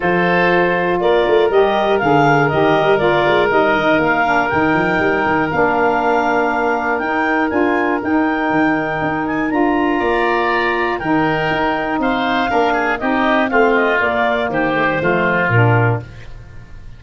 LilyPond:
<<
  \new Staff \with { instrumentName = "clarinet" } { \time 4/4 \tempo 4 = 120 c''2 d''4 dis''4 | f''4 dis''4 d''4 dis''4 | f''4 g''2 f''4~ | f''2 g''4 gis''4 |
g''2~ g''8 gis''8 ais''4~ | ais''2 g''2 | f''2 dis''4 f''8 dis''8 | d''4 c''2 ais'4 | }
  \new Staff \with { instrumentName = "oboe" } { \time 4/4 a'2 ais'2~ | ais'1~ | ais'1~ | ais'1~ |
ais'1 | d''2 ais'2 | c''4 ais'8 gis'8 g'4 f'4~ | f'4 g'4 f'2 | }
  \new Staff \with { instrumentName = "saxophone" } { \time 4/4 f'2. g'4 | gis'4 g'4 f'4 dis'4~ | dis'8 d'8 dis'2 d'4~ | d'2 dis'4 f'4 |
dis'2. f'4~ | f'2 dis'2~ | dis'4 d'4 dis'4 c'4 | ais4. a16 g16 a4 d'4 | }
  \new Staff \with { instrumentName = "tuba" } { \time 4/4 f2 ais8 a8 g4 | d4 dis8 g8 ais8 gis8 g8 dis8 | ais4 dis8 f8 g8 dis8 ais4~ | ais2 dis'4 d'4 |
dis'4 dis4 dis'4 d'4 | ais2 dis4 dis'4 | c'4 ais4 c'4 a4 | ais4 dis4 f4 ais,4 | }
>>